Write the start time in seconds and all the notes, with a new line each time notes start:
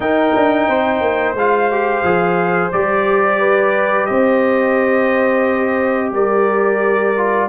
0.00 D#4 A#4 G5
0.35 D4
0.67 C4 C5
1.00 A#3
1.34 G#3 F4 F5
1.71 G4
2.03 F3 G#4
2.71 G3 G4 D5
3.39 B4
4.06 C4 C5 D#5
6.11 G3 A#4 D5
7.17 F4